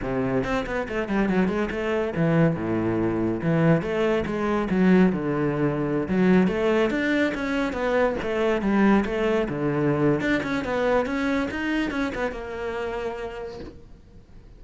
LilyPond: \new Staff \with { instrumentName = "cello" } { \time 4/4 \tempo 4 = 141 c4 c'8 b8 a8 g8 fis8 gis8 | a4 e4 a,2 | e4 a4 gis4 fis4 | d2~ d16 fis4 a8.~ |
a16 d'4 cis'4 b4 a8.~ | a16 g4 a4 d4.~ d16 | d'8 cis'8 b4 cis'4 dis'4 | cis'8 b8 ais2. | }